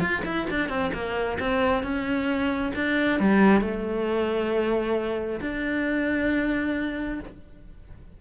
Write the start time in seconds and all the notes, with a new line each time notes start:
0.00 F4
0.25 E4
0.50 D4
0.69 C4
0.93 A#3
1.39 C4
1.83 C#4
2.75 D4
3.20 G3
3.61 A3
5.41 D4